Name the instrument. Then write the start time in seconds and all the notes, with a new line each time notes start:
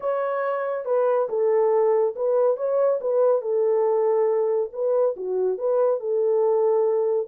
horn
0.00 C#5
0.85 B4
1.29 A4
2.15 B4
2.56 C#5
3.01 B4
3.41 A4
4.72 B4
5.16 F#4
5.58 B4
6.00 A4